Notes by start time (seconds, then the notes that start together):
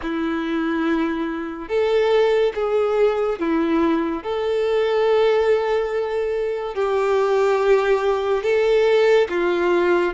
0.02 E4
1.68 A4
2.54 G#4
3.39 E4
4.23 A4
6.74 G4
8.43 A4
9.29 F4